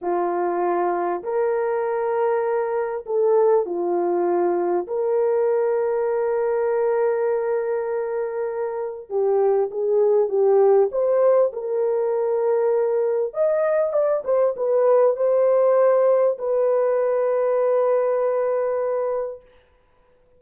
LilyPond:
\new Staff \with { instrumentName = "horn" } { \time 4/4 \tempo 4 = 99 f'2 ais'2~ | ais'4 a'4 f'2 | ais'1~ | ais'2. g'4 |
gis'4 g'4 c''4 ais'4~ | ais'2 dis''4 d''8 c''8 | b'4 c''2 b'4~ | b'1 | }